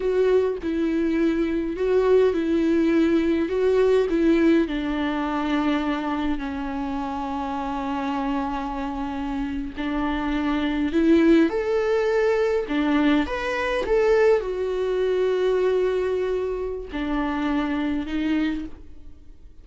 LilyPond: \new Staff \with { instrumentName = "viola" } { \time 4/4 \tempo 4 = 103 fis'4 e'2 fis'4 | e'2 fis'4 e'4 | d'2. cis'4~ | cis'1~ |
cis'8. d'2 e'4 a'16~ | a'4.~ a'16 d'4 b'4 a'16~ | a'8. fis'2.~ fis'16~ | fis'4 d'2 dis'4 | }